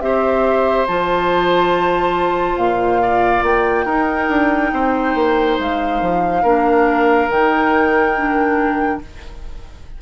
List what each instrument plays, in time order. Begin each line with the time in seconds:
0.00 bassoon C4, clarinet G4, oboe C5, flute E5
0.87 bassoon F3, clarinet F4, flute A5
2.57 bassoon A#2, flute F5
3.02 oboe D5
3.42 bassoon A#3, flute G5
3.85 bassoon D#4, clarinet D#4, oboe A#4
4.28 bassoon D4
4.72 bassoon C4, oboe C5
5.14 bassoon A#3
5.59 bassoon G#3, flute F5
6.01 bassoon F3
6.42 bassoon A#3, clarinet D4, oboe A#4
7.29 bassoon D#3, clarinet D#4, flute G5
8.16 clarinet D4